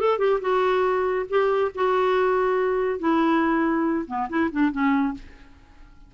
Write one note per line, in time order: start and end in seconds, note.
0.00 0.18 A4
0.18 0.40 G4
0.41 1.26 F#4
1.29 1.72 G4
1.75 2.99 F#4
2.99 4.06 E4
4.07 4.28 B3
4.29 4.50 E4
4.51 4.71 D4
4.71 5.14 C#4